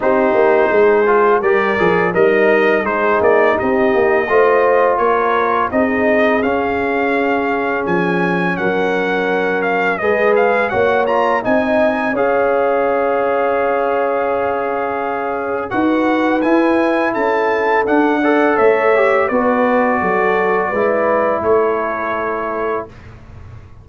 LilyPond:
<<
  \new Staff \with { instrumentName = "trumpet" } { \time 4/4 \tempo 4 = 84 c''2 d''4 dis''4 | c''8 d''8 dis''2 cis''4 | dis''4 f''2 gis''4 | fis''4. f''8 dis''8 f''8 fis''8 ais''8 |
gis''4 f''2.~ | f''2 fis''4 gis''4 | a''4 fis''4 e''4 d''4~ | d''2 cis''2 | }
  \new Staff \with { instrumentName = "horn" } { \time 4/4 g'4 gis'4 ais'4 dis'4 | gis'4 g'4 c''4 ais'4 | gis'1 | ais'2 b'4 cis''4 |
dis''4 cis''2.~ | cis''2 b'2 | a'4. d''8 cis''4 b'4 | a'4 b'4 a'2 | }
  \new Staff \with { instrumentName = "trombone" } { \time 4/4 dis'4. f'8 g'8 gis'8 ais'4 | dis'2 f'2 | dis'4 cis'2.~ | cis'2 gis'4 fis'8 f'8 |
dis'4 gis'2.~ | gis'2 fis'4 e'4~ | e'4 d'8 a'4 g'8 fis'4~ | fis'4 e'2. | }
  \new Staff \with { instrumentName = "tuba" } { \time 4/4 c'8 ais8 gis4 g8 f8 g4 | gis8 ais8 c'8 ais8 a4 ais4 | c'4 cis'2 f4 | fis2 gis4 ais4 |
c'4 cis'2.~ | cis'2 dis'4 e'4 | cis'4 d'4 a4 b4 | fis4 gis4 a2 | }
>>